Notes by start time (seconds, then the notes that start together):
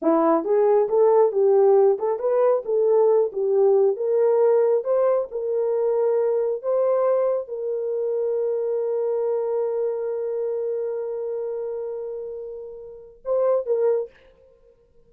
0.02 E4
0.44 G#4
0.88 A4
1.32 G4
1.99 A4
2.19 B4
2.65 A4
3.32 G4
3.96 A#4
4.83 C5
5.31 A#4
6.62 C5
7.48 A#4
13.24 C5
13.65 A#4